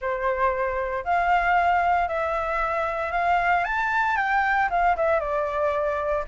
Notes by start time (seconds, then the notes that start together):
0.01 C5
1.04 F5
2.08 E5
3.12 F5
3.64 A5
4.16 G5
4.70 F5
4.96 E5
5.20 D5